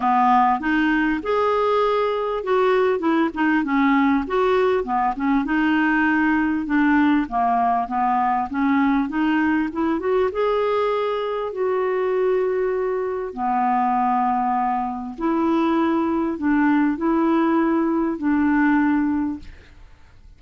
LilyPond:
\new Staff \with { instrumentName = "clarinet" } { \time 4/4 \tempo 4 = 99 b4 dis'4 gis'2 | fis'4 e'8 dis'8 cis'4 fis'4 | b8 cis'8 dis'2 d'4 | ais4 b4 cis'4 dis'4 |
e'8 fis'8 gis'2 fis'4~ | fis'2 b2~ | b4 e'2 d'4 | e'2 d'2 | }